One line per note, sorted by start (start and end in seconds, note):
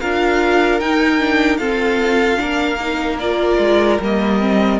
0.00 0.81 D4
0.00 0.81 F4
0.00 1.59 A#4
0.00 0.80 F5
0.80 1.59 D#4
0.80 1.19 D#4
0.80 1.57 G5
1.19 1.59 D4
1.57 2.37 C4
1.57 2.39 F4
1.57 2.39 A4
1.57 3.17 F5
2.37 3.58 A#3
2.37 2.77 D4
2.37 4.80 A#4
2.80 3.20 D#4
3.19 4.02 F4
3.19 3.99 D5
3.58 3.98 G#3
4.00 4.80 G3
4.00 4.41 A#3
4.00 4.80 D#5
4.41 4.80 C4